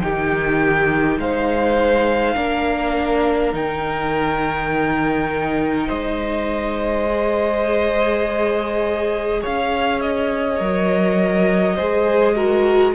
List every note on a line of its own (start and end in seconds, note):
0.00 1.18 D#3
0.00 2.35 D#4
0.00 1.21 G4
0.00 1.18 G5
1.18 2.36 G#3
1.18 2.36 C5
1.18 3.54 F5
2.35 3.53 A#3
2.35 3.53 D4
2.35 5.87 A#4
3.53 5.88 D#3
3.53 7.06 D#4
3.53 5.89 G5
5.87 9.43 G#3
5.87 9.40 C5
5.87 9.42 D#5
7.09 10.59 G#4
9.41 10.60 C#4
9.41 11.76 C#5
9.41 10.01 F5
10.01 12.95 D#5
10.59 11.78 F#3
10.59 11.76 A#4
11.76 12.95 G#3
11.76 12.36 G#4
11.76 12.35 C5
12.36 12.95 F#4
12.36 12.95 A#4